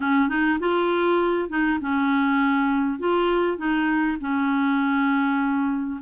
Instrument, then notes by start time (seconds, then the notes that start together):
clarinet
0.00 C#4
0.28 D#4
0.59 F4
1.49 D#4
1.80 C#4
2.99 F4
3.57 D#4
4.20 C#4